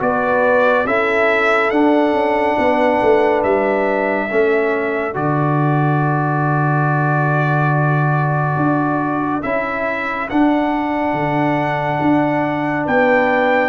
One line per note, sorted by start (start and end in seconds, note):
0.00 0.86 B3
0.00 0.86 F#4
0.00 0.87 B4
0.00 0.87 D5
0.86 1.72 C#4
0.86 1.73 E4
0.86 2.58 A4
0.86 1.71 E5
1.71 2.14 D4
1.71 4.29 D4
1.71 3.42 F#5
2.14 2.56 C#4
2.59 3.02 B3
2.59 4.28 B4
3.03 3.45 A3
3.44 4.30 G3
3.44 5.15 E5
4.28 5.16 A3
4.28 5.14 C#4
4.28 12.85 A4
5.14 8.57 D3
5.14 9.43 F#4
5.14 9.43 D5
8.57 9.42 D4
9.43 10.30 C#4
9.43 10.30 E4
9.43 10.29 E5
10.30 13.70 D4
10.30 11.14 D4
10.30 12.87 F#5
11.14 11.99 D3
12.02 12.87 D4
12.86 13.70 B3
12.86 13.70 B4
12.86 13.70 G5